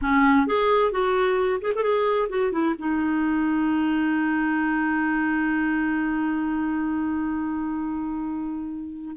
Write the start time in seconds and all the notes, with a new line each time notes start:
0.01 C#4
0.46 G#4
0.91 F#4
1.61 G#4
1.75 A4
1.82 G#4
2.29 F#4
2.52 E4
2.78 D#4